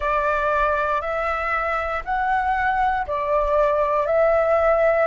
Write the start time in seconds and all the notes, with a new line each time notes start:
0.00 D5
1.01 E5
2.04 F#5
3.06 D5
4.06 E5